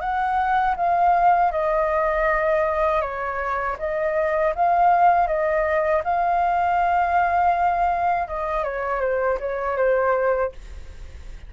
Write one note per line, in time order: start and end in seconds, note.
0.00 0.75 F#5
0.76 1.51 F5
1.51 3.01 D#5
3.01 3.76 C#5
3.78 4.53 D#5
4.55 5.27 F5
5.27 6.02 D#5
6.03 8.27 F5
8.27 8.63 D#5
8.63 9.01 C#5
9.01 9.38 C5
9.40 9.77 C#5
9.77 10.52 C5